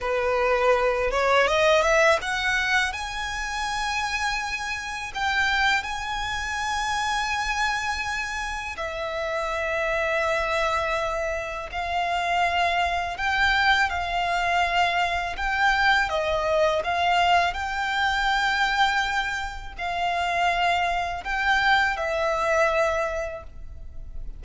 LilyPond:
\new Staff \with { instrumentName = "violin" } { \time 4/4 \tempo 4 = 82 b'4. cis''8 dis''8 e''8 fis''4 | gis''2. g''4 | gis''1 | e''1 |
f''2 g''4 f''4~ | f''4 g''4 dis''4 f''4 | g''2. f''4~ | f''4 g''4 e''2 | }